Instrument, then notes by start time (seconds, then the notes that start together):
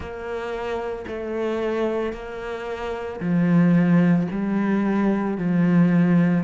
cello
0.00 A#3
1.07 A3
2.12 A#3
3.20 F3
4.31 G3
5.37 F3